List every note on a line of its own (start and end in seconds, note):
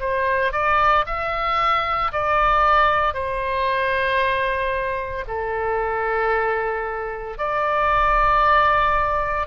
0.00 0.52 C5
0.52 1.05 D5
1.06 2.11 E5
2.12 3.14 D5
3.14 5.24 C5
5.27 7.37 A4
7.37 9.46 D5